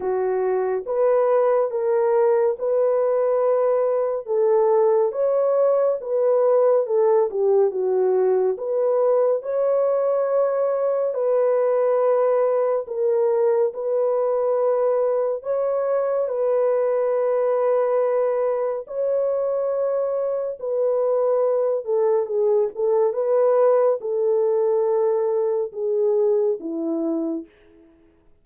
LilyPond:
\new Staff \with { instrumentName = "horn" } { \time 4/4 \tempo 4 = 70 fis'4 b'4 ais'4 b'4~ | b'4 a'4 cis''4 b'4 | a'8 g'8 fis'4 b'4 cis''4~ | cis''4 b'2 ais'4 |
b'2 cis''4 b'4~ | b'2 cis''2 | b'4. a'8 gis'8 a'8 b'4 | a'2 gis'4 e'4 | }